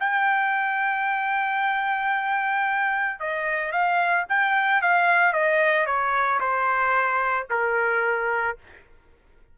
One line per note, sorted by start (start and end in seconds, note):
0.00 3.20 G5
3.20 3.72 D#5
3.72 4.25 F5
4.29 4.82 G5
4.82 5.33 F5
5.33 5.86 D#5
5.86 6.40 C#5
6.40 7.47 C5
7.50 8.57 A#4